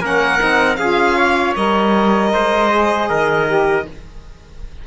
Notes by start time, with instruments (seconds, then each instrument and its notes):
0.00 cello A#3, saxophone C#4, trumpet A#4, violin F#5
0.38 cello C4, saxophone D#4
0.76 cello C#4, saxophone F4, trumpet G#4, violin F5
1.17 trumpet C#5
1.56 cello G3, saxophone A#4, violin D#5
2.33 cello G#3, trumpet C5
2.71 saxophone G#4
3.09 cello D#3, trumpet A#4
3.47 saxophone G4